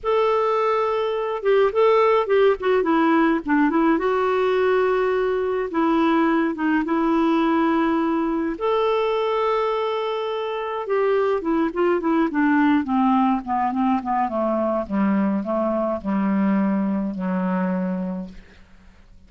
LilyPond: \new Staff \with { instrumentName = "clarinet" } { \time 4/4 \tempo 4 = 105 a'2~ a'8 g'8 a'4 | g'8 fis'8 e'4 d'8 e'8 fis'4~ | fis'2 e'4. dis'8 | e'2. a'4~ |
a'2. g'4 | e'8 f'8 e'8 d'4 c'4 b8 | c'8 b8 a4 g4 a4 | g2 fis2 | }